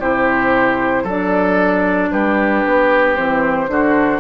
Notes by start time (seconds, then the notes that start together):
0.00 C3 E4 G4 C5
1.04 F#3 D4 A4 D5
2.12 G3 G4 B4
2.65 B3
3.15 E3 C4 C5
3.67 D3 D4 F#4